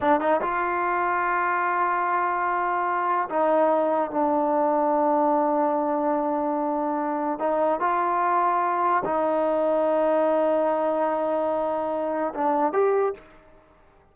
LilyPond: \new Staff \with { instrumentName = "trombone" } { \time 4/4 \tempo 4 = 146 d'8 dis'8 f'2.~ | f'1 | dis'2 d'2~ | d'1~ |
d'2 dis'4 f'4~ | f'2 dis'2~ | dis'1~ | dis'2 d'4 g'4 | }